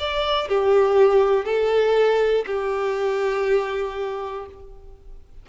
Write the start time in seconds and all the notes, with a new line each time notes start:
0.00 D5
0.49 G4
1.45 A4
2.47 G4